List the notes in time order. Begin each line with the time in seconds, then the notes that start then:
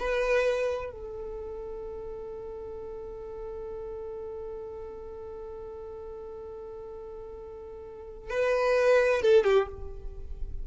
0.00 B4
0.92 A4
8.30 B4
9.22 A4
9.45 G4